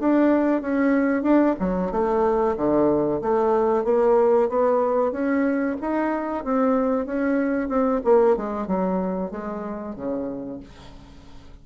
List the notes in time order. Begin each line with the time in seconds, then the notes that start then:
0.00 D4
0.62 C#4
1.23 D4
1.60 F#3
1.92 A3
2.57 D3
3.22 A3
3.85 A#3
4.50 B3
5.12 C#4
5.82 D#4
6.45 C4
7.06 C#4
7.69 C4
8.05 A#3
8.37 G#3
8.68 F#3
9.32 G#3
9.96 C#3